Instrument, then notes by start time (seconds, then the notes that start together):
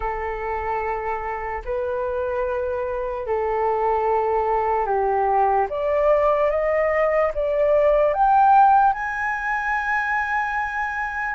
flute
0.00 A4
1.64 B4
3.26 A4
4.86 G4
5.69 D5
6.50 D#5
7.34 D5
8.13 G5
8.93 G#5